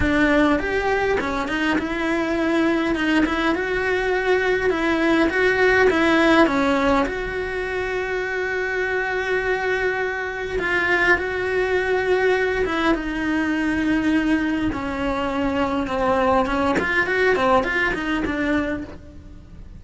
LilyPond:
\new Staff \with { instrumentName = "cello" } { \time 4/4 \tempo 4 = 102 d'4 g'4 cis'8 dis'8 e'4~ | e'4 dis'8 e'8 fis'2 | e'4 fis'4 e'4 cis'4 | fis'1~ |
fis'2 f'4 fis'4~ | fis'4. e'8 dis'2~ | dis'4 cis'2 c'4 | cis'8 f'8 fis'8 c'8 f'8 dis'8 d'4 | }